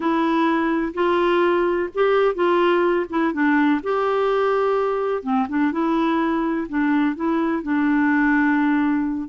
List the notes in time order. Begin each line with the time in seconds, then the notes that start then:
0.00 E4
0.94 F4
1.94 G4
2.34 F4
3.09 E4
3.33 D4
3.83 G4
5.23 C4
5.48 D4
5.71 E4
6.69 D4
7.15 E4
7.62 D4